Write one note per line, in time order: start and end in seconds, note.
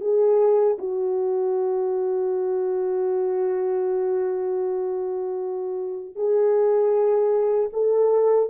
0.00 0.77 G#4
0.78 6.15 F#4
6.15 7.69 G#4
7.72 8.49 A4